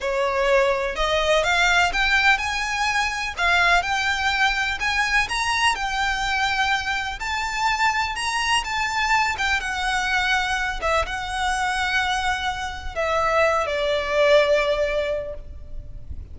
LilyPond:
\new Staff \with { instrumentName = "violin" } { \time 4/4 \tempo 4 = 125 cis''2 dis''4 f''4 | g''4 gis''2 f''4 | g''2 gis''4 ais''4 | g''2. a''4~ |
a''4 ais''4 a''4. g''8 | fis''2~ fis''8 e''8 fis''4~ | fis''2. e''4~ | e''8 d''2.~ d''8 | }